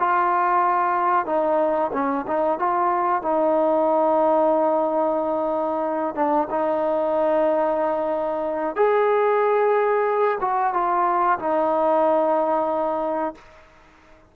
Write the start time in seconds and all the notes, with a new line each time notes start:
0.00 F4
1.26 D#4
1.94 C#4
2.28 D#4
2.60 F4
3.23 D#4
6.16 D4
6.51 D#4
8.76 G#4
10.41 F#4
10.74 F4
11.39 D#4